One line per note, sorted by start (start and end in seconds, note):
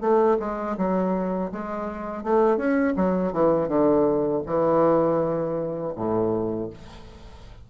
0.00 0.37 A3
0.39 0.76 G#3
0.77 1.51 F#3
1.51 2.23 G#3
2.23 2.56 A3
2.56 2.93 C#4
2.96 3.32 F#3
3.32 3.68 E3
3.68 4.42 D3
4.45 5.94 E3
5.95 6.69 A2